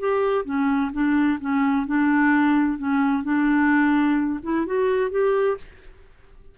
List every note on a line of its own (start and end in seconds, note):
0.00 0.45 G4
0.45 0.92 C#4
0.93 1.39 D4
1.41 1.87 C#4
1.87 2.78 D4
2.78 3.24 C#4
3.24 4.40 D4
4.43 4.67 E4
4.67 5.11 F#4
5.11 5.58 G4